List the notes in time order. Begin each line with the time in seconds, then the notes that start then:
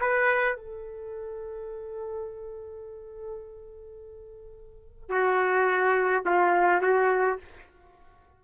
0.00 B4
0.56 A4
5.09 F#4
6.25 F4
6.81 F#4